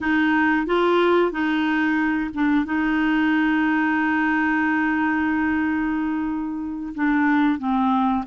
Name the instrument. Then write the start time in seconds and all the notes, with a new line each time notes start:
clarinet
0.01 D#4
0.66 F4
1.31 D#4
2.34 D4
2.65 D#4
6.94 D4
7.58 C4